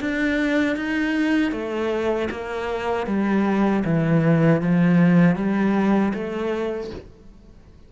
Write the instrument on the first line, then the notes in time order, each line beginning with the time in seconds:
cello
0.00 D4
0.76 D#4
1.52 A3
2.31 A#3
3.06 G3
3.85 E3
4.62 F3
5.36 G3
6.14 A3